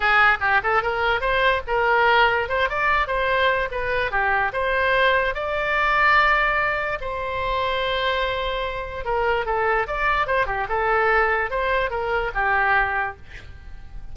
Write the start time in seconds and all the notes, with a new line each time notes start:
0.00 G#4
0.40 G4
0.63 A4
0.82 A#4
1.20 C5
1.67 A#4
2.49 C5
2.69 D5
3.07 C5
3.71 B4
4.11 G4
4.52 C5
5.34 D5
7.00 C5
9.04 A#4
9.45 A4
9.87 D5
10.26 C5
10.46 G4
10.68 A4
11.50 C5
11.90 A#4
12.34 G4